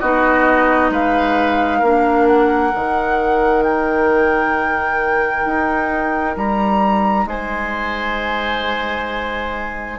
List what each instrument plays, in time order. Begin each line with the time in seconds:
0.00 bassoon B3, clarinet D#4, oboe F#4, flute D#5
0.90 bassoon G#3, oboe B4, flute F5
1.79 bassoon A#3, clarinet D4, oboe A#4
2.27 flute F#5
2.73 bassoon D#3, clarinet D#4
3.64 flute G5
5.46 bassoon D#4
6.37 bassoon G3, flute A#5
7.26 bassoon G#3, oboe C5, flute G#5